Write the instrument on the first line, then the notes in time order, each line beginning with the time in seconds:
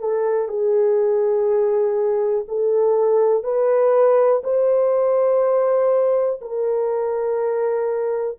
horn
0.00 A4
0.48 G#4
2.48 A4
3.43 B4
4.44 C5
6.41 A#4